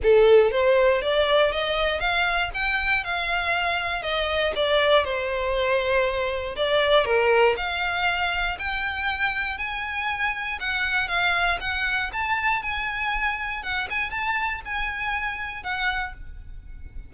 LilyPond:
\new Staff \with { instrumentName = "violin" } { \time 4/4 \tempo 4 = 119 a'4 c''4 d''4 dis''4 | f''4 g''4 f''2 | dis''4 d''4 c''2~ | c''4 d''4 ais'4 f''4~ |
f''4 g''2 gis''4~ | gis''4 fis''4 f''4 fis''4 | a''4 gis''2 fis''8 gis''8 | a''4 gis''2 fis''4 | }